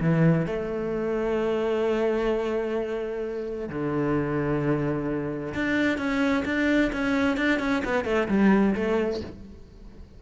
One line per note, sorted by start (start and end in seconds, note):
0.00 0.46 E3
0.46 3.69 A3
3.69 5.53 D3
5.54 5.97 D4
5.97 6.44 C#4
6.45 6.91 D4
6.92 7.37 C#4
7.37 7.59 D4
7.59 7.82 C#4
7.84 8.04 B3
8.04 8.27 A3
8.28 8.74 G3
8.75 9.21 A3